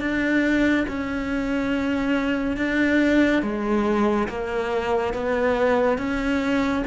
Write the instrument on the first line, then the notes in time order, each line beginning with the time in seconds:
cello
0.00 D4
0.88 C#4
2.57 D4
3.42 G#3
4.28 A#3
5.14 B3
5.98 C#4